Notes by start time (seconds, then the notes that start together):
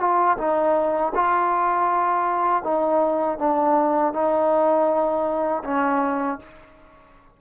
0.00 F4
0.38 D#4
1.15 F4
2.64 D#4
3.39 D4
4.14 D#4
5.64 C#4